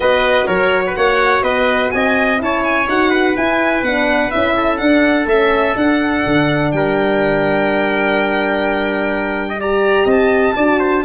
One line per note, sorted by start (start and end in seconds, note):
0.00 0.46 B3
0.00 2.38 F#4
0.00 0.46 B4
0.00 0.47 D#5
0.46 0.95 F#3
0.46 0.82 A#4
0.46 0.95 C#5
0.86 0.96 B4
0.96 1.42 A#3
0.96 1.43 C#5
0.96 1.43 F#5
1.42 1.90 B3
1.42 1.91 B4
1.42 1.90 D#5
1.90 2.41 C4
1.90 2.42 D#5
1.90 2.38 G#5
2.38 2.88 C#4
2.38 2.85 E4
2.38 3.09 C#5
2.38 2.63 A5
2.63 2.87 G#5
2.88 3.36 D#4
2.88 3.36 F#4
2.88 3.36 F#5
3.09 4.53 B4
3.36 3.84 E4
3.36 3.82 E4
3.36 3.83 G#5
3.82 4.30 B3
3.82 4.31 D4
3.82 4.31 F#5
4.31 4.81 C#4
4.31 4.78 E4
4.31 4.77 E5
4.56 6.72 A4
4.77 5.26 D4
4.77 5.25 D4
4.77 5.25 F#5
5.25 5.73 A3
5.25 5.75 C#4
5.25 5.76 E5
5.75 6.23 D4
5.75 9.59 D4
5.75 6.71 F#5
6.26 6.72 D3
6.71 10.05 G3
6.71 9.48 A#4
6.71 9.59 G5
9.48 9.60 D#5
9.60 10.55 G4
9.60 10.05 D5
9.60 10.09 A#5
10.05 10.53 C4
10.05 10.53 D#5
10.05 11.05 A5
10.56 11.04 D4
10.56 11.05 F#4
10.56 10.79 D5
10.79 11.03 C5